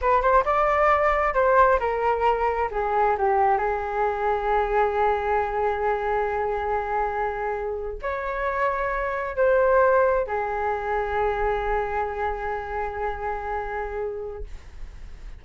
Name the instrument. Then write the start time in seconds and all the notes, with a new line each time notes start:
flute
0.01 B4
0.21 C5
0.44 D5
1.34 C5
1.79 A#4
2.71 G#4
3.17 G4
3.58 G#4
8.02 C#5
9.36 C5
10.26 G#4